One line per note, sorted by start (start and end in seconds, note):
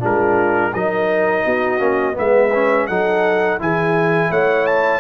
0.00 0.74 G#3
0.00 0.71 D4
0.00 0.72 F4
0.00 0.74 A#4
0.73 1.45 F#3
0.73 1.79 D#4
0.73 1.44 A#4
0.73 2.16 D#5
1.44 1.79 B3
1.44 2.16 F#4
1.79 2.15 A#3
1.79 2.13 C#4
2.13 2.89 G#3
2.13 2.49 B3
2.13 2.88 B4
2.13 2.87 E5
2.54 2.90 C#4
2.87 3.60 F#3
2.87 3.59 D#4
2.87 3.59 A4
2.87 3.58 F#5
3.59 4.30 E3
3.59 5.00 E4
3.59 4.31 G#4
3.59 4.32 G#5
4.30 5.00 A3
4.30 5.00 C#5
4.30 4.66 F#5
4.66 5.00 A5